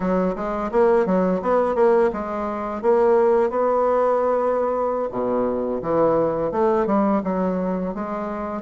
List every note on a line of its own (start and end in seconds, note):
0.00 0.35 F#3
0.35 0.71 G#3
0.71 1.06 A#3
1.06 1.41 F#3
1.42 1.75 B3
1.75 2.10 A#3
2.12 2.82 G#3
2.82 3.50 A#3
3.50 5.09 B3
5.11 5.81 B2
5.82 6.51 E3
6.51 6.86 A3
6.86 7.22 G3
7.24 7.94 F#3
7.94 8.62 G#3